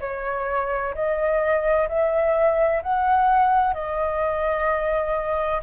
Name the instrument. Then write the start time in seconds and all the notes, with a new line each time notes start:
flute
0.00 C#5
0.94 D#5
1.88 E5
2.83 F#5
3.74 D#5